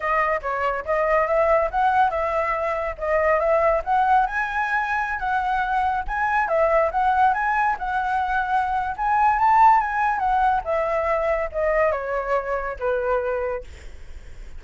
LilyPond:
\new Staff \with { instrumentName = "flute" } { \time 4/4 \tempo 4 = 141 dis''4 cis''4 dis''4 e''4 | fis''4 e''2 dis''4 | e''4 fis''4 gis''2~ | gis''16 fis''2 gis''4 e''8.~ |
e''16 fis''4 gis''4 fis''4.~ fis''16~ | fis''4 gis''4 a''4 gis''4 | fis''4 e''2 dis''4 | cis''2 b'2 | }